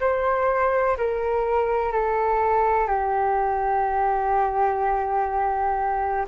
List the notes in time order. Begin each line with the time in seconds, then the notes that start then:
0.00 C5
0.97 A#4
1.92 A4
2.87 G4